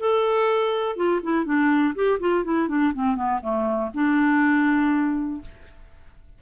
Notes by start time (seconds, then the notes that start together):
0.00 A4
0.97 F4
1.23 E4
1.46 D4
1.95 G4
2.20 F4
2.45 E4
2.69 D4
2.94 C4
3.16 B3
3.42 A3
3.94 D4